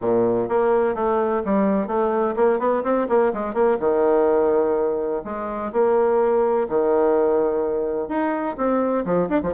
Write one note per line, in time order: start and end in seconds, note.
0.01 0.48 A#2
0.48 0.95 A#3
0.95 1.42 A3
1.45 1.87 G3
1.87 2.35 A3
2.36 2.59 A#3
2.59 2.83 B3
2.83 3.07 C4
3.08 3.32 A#3
3.33 3.54 G#3
3.54 3.77 A#3
3.79 5.22 D#3
5.24 5.71 G#3
5.72 6.67 A#3
6.69 8.08 D#3
8.08 8.56 D#4
8.57 9.05 C4
9.05 9.29 F3
9.29 9.41 D4
9.42 9.53 F3